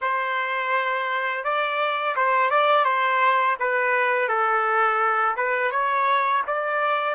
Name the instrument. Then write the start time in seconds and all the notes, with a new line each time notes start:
trumpet
0.01 C5
1.44 D5
2.16 C5
2.50 D5
2.84 C5
3.59 B4
4.28 A4
5.36 B4
5.71 C#5
6.46 D5